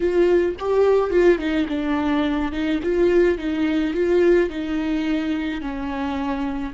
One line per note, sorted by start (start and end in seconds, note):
0.00 0.55 F4
0.59 1.10 G4
1.10 1.38 F4
1.38 1.66 D#4
1.68 2.52 D4
2.52 2.80 D#4
2.82 3.37 F4
3.37 3.94 D#4
3.94 4.49 F4
4.49 5.61 D#4
5.61 6.73 C#4